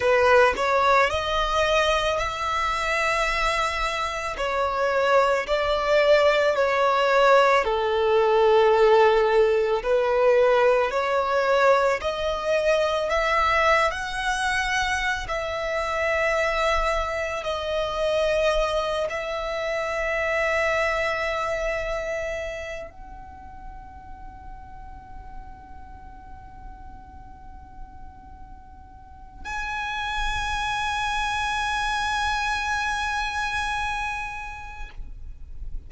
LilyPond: \new Staff \with { instrumentName = "violin" } { \time 4/4 \tempo 4 = 55 b'8 cis''8 dis''4 e''2 | cis''4 d''4 cis''4 a'4~ | a'4 b'4 cis''4 dis''4 | e''8. fis''4~ fis''16 e''2 |
dis''4. e''2~ e''8~ | e''4 fis''2.~ | fis''2. gis''4~ | gis''1 | }